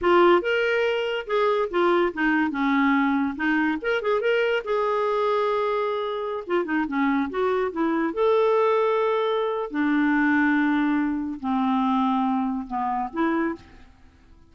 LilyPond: \new Staff \with { instrumentName = "clarinet" } { \time 4/4 \tempo 4 = 142 f'4 ais'2 gis'4 | f'4 dis'4 cis'2 | dis'4 ais'8 gis'8 ais'4 gis'4~ | gis'2.~ gis'16 f'8 dis'16~ |
dis'16 cis'4 fis'4 e'4 a'8.~ | a'2. d'4~ | d'2. c'4~ | c'2 b4 e'4 | }